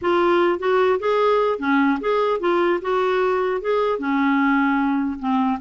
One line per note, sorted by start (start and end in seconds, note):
0.01 0.59 F4
0.59 0.99 F#4
0.99 1.59 G#4
1.59 1.99 C#4
2.00 2.40 G#4
2.40 2.80 F4
2.81 3.61 F#4
3.61 3.98 G#4
3.98 5.18 C#4
5.19 5.59 C4